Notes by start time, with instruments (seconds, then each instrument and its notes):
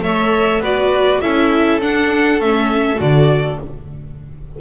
0.00 double bass A3, viola A4, violin C#5 E5
0.60 double bass B3, viola F#4, violin B4 D5
1.21 double bass C#4, viola E4, violin A4 E5
1.81 double bass D4, viola D4, violin F#5
2.40 double bass A3, viola C#4, violin E5
2.96 double bass D3, viola F#4, violin D5